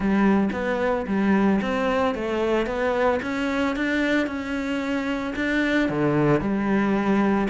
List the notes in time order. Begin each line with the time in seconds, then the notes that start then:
0.00 G3
0.52 B3
1.06 G3
1.61 C4
2.14 A3
2.66 B3
3.22 C#4
3.75 D4
4.26 C#4
5.35 D4
5.89 D3
6.40 G3